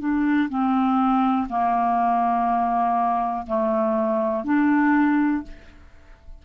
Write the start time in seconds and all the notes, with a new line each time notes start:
0.00 D4
0.50 C4
1.50 A#3
3.47 A3
4.45 D4